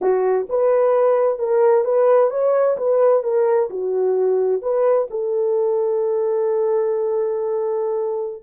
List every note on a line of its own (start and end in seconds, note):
0.01 0.47 F#4
0.49 1.38 B4
1.38 1.84 A#4
1.84 2.30 B4
2.30 2.76 C#5
2.77 3.23 B4
3.23 3.69 A#4
3.70 4.62 F#4
4.62 5.08 B4
5.10 8.43 A4